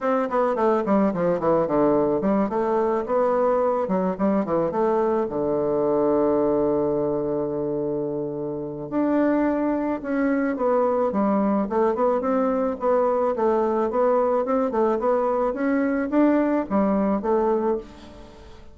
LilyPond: \new Staff \with { instrumentName = "bassoon" } { \time 4/4 \tempo 4 = 108 c'8 b8 a8 g8 f8 e8 d4 | g8 a4 b4. fis8 g8 | e8 a4 d2~ d8~ | d1 |
d'2 cis'4 b4 | g4 a8 b8 c'4 b4 | a4 b4 c'8 a8 b4 | cis'4 d'4 g4 a4 | }